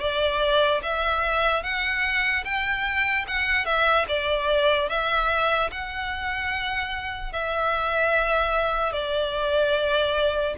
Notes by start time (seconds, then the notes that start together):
0.00 D5
0.82 E5
1.63 F#5
2.44 G5
3.27 F#5
3.65 E5
4.08 D5
4.89 E5
5.71 F#5
7.32 E5
8.92 D5